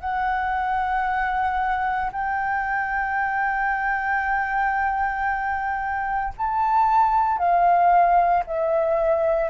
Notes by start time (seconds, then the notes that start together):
0.00 F#5
2.12 G5
6.37 A5
7.38 F5
8.46 E5